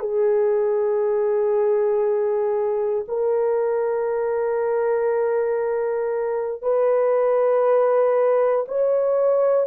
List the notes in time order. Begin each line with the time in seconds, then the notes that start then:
0.00 G#4
3.08 A#4
6.62 B4
8.68 C#5